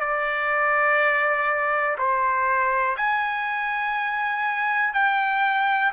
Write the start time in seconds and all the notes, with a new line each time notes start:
0.00 D5
1.98 C5
2.97 G#5
4.94 G5